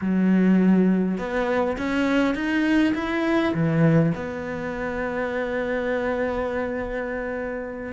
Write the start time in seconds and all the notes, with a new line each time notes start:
0.01 F#3
1.18 B3
1.77 C#4
2.34 D#4
2.94 E4
3.53 E3
4.15 B3